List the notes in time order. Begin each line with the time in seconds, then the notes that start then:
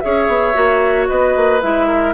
0.00 C#4 G#4 C#5 E5
0.27 B3
0.53 A#3 F#4
1.08 B3 B4 D#5
1.36 A#3
1.62 G#3 E4 E5
1.87 A#4